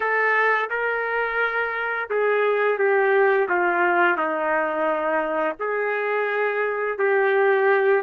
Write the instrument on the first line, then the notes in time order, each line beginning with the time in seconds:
trumpet
0.00 A4
0.70 A#4
2.10 G#4
2.78 G4
3.49 F4
4.17 D#4
5.59 G#4
6.98 G4